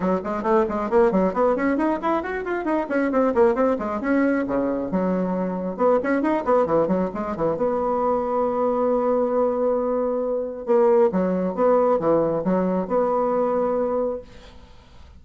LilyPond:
\new Staff \with { instrumentName = "bassoon" } { \time 4/4 \tempo 4 = 135 fis8 gis8 a8 gis8 ais8 fis8 b8 cis'8 | dis'8 e'8 fis'8 f'8 dis'8 cis'8 c'8 ais8 | c'8 gis8 cis'4 cis4 fis4~ | fis4 b8 cis'8 dis'8 b8 e8 fis8 |
gis8 e8 b2.~ | b1 | ais4 fis4 b4 e4 | fis4 b2. | }